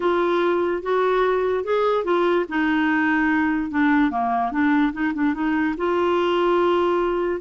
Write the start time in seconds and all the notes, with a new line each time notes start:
0.00 F4
0.82 F#4
1.63 G#4
2.04 F4
2.49 D#4
3.71 D4
4.11 A#3
4.51 D4
4.92 D#4
5.14 D4
5.34 D#4
5.77 F4